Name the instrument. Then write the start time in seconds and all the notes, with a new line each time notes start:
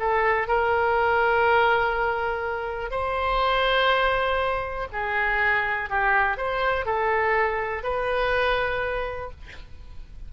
oboe
0.00 A4
0.48 A#4
2.91 C5
4.93 G#4
5.90 G4
6.38 C5
6.86 A4
7.84 B4